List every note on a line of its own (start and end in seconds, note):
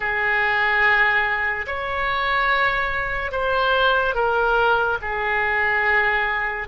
0.00 1.66 G#4
1.67 3.31 C#5
3.31 4.14 C5
4.14 4.98 A#4
5.01 6.68 G#4